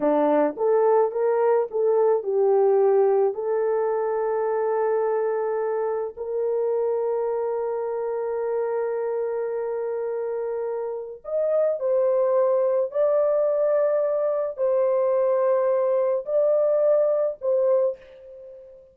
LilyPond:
\new Staff \with { instrumentName = "horn" } { \time 4/4 \tempo 4 = 107 d'4 a'4 ais'4 a'4 | g'2 a'2~ | a'2. ais'4~ | ais'1~ |
ais'1 | dis''4 c''2 d''4~ | d''2 c''2~ | c''4 d''2 c''4 | }